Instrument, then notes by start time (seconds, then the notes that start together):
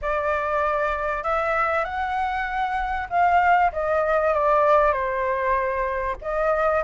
flute
0.01 D5
1.23 E5
1.84 F#5
3.09 F5
3.72 D#5
4.34 D5
4.92 C5
6.21 D#5